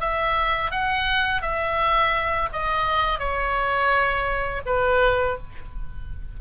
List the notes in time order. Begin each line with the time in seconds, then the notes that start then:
0.00 E5
0.71 F#5
1.42 E5
2.53 D#5
3.19 C#5
4.66 B4